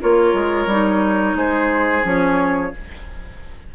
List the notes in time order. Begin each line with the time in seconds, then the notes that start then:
0.00 A#3 F4 A#4 C#5
0.33 G#3
0.66 G3 D#4
1.35 G#3 G#4 C5
2.03 F3 C#4 C#5